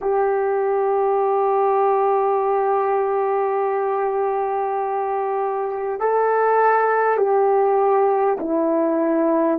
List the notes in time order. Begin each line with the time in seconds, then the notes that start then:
0.01 G4
6.00 A4
7.17 G4
8.39 E4